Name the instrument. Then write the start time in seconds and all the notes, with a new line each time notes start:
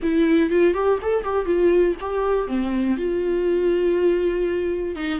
viola
0.02 E4
0.50 F4
0.73 G4
1.01 A4
1.23 G4
1.45 F4
2.00 G4
2.47 C4
2.97 F4
4.95 D#4